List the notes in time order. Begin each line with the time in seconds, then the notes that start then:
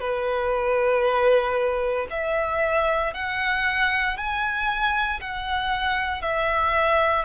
0.00 B4
2.10 E5
3.13 F#5
4.17 G#5
5.21 F#5
6.22 E5